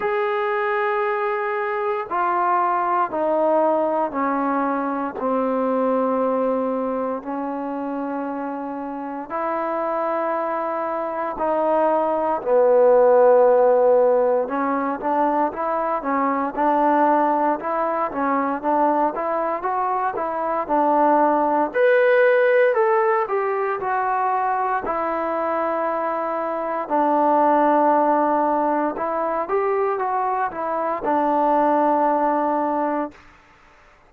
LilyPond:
\new Staff \with { instrumentName = "trombone" } { \time 4/4 \tempo 4 = 58 gis'2 f'4 dis'4 | cis'4 c'2 cis'4~ | cis'4 e'2 dis'4 | b2 cis'8 d'8 e'8 cis'8 |
d'4 e'8 cis'8 d'8 e'8 fis'8 e'8 | d'4 b'4 a'8 g'8 fis'4 | e'2 d'2 | e'8 g'8 fis'8 e'8 d'2 | }